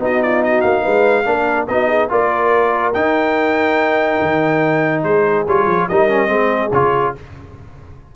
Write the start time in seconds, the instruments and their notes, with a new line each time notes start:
0.00 tuba B3, trombone D#4, horn F#4, trumpet D#5
0.23 horn F4, trumpet D5
0.44 horn F#4, trumpet D#5
0.62 tuba A#3, trumpet F5
0.83 tuba G#3, horn B4
1.26 tuba A#3, trombone D4, horn A#4
1.68 tuba B3, trombone D#4, horn F#4, trumpet D#5
1.88 horn G#4
2.10 tuba A#3, trombone F4, horn A#4, trumpet D5
2.94 trombone D#4, tuba D#4, trumpet G5
4.22 tuba D#3
5.04 tuba G#3, horn G#4, trumpet C5
5.47 tuba G3, trombone F4, trumpet C#5
5.67 tuba F3
5.89 tuba G3, trombone D#4, horn A#4, trumpet D#5
6.09 trombone C#4
6.28 tuba G#3, trombone C4, horn G#4
6.72 tuba C#3, trombone F4, trumpet C#5